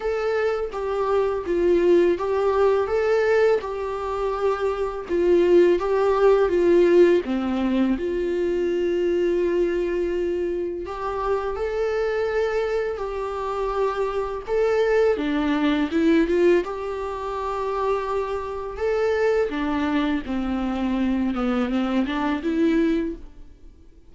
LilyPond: \new Staff \with { instrumentName = "viola" } { \time 4/4 \tempo 4 = 83 a'4 g'4 f'4 g'4 | a'4 g'2 f'4 | g'4 f'4 c'4 f'4~ | f'2. g'4 |
a'2 g'2 | a'4 d'4 e'8 f'8 g'4~ | g'2 a'4 d'4 | c'4. b8 c'8 d'8 e'4 | }